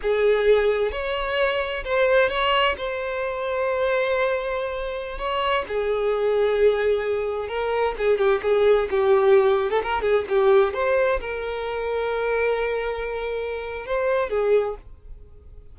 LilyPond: \new Staff \with { instrumentName = "violin" } { \time 4/4 \tempo 4 = 130 gis'2 cis''2 | c''4 cis''4 c''2~ | c''2.~ c''16 cis''8.~ | cis''16 gis'2.~ gis'8.~ |
gis'16 ais'4 gis'8 g'8 gis'4 g'8.~ | g'4 a'16 ais'8 gis'8 g'4 c''8.~ | c''16 ais'2.~ ais'8.~ | ais'2 c''4 gis'4 | }